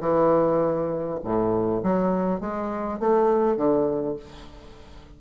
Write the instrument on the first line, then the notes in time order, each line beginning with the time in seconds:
bassoon
0.00 E3
1.23 A2
1.83 F#3
2.40 G#3
2.99 A3
3.56 D3